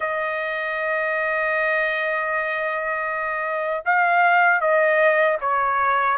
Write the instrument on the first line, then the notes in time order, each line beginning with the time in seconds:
trumpet
0.00 D#5
3.85 F5
4.60 D#5
5.41 C#5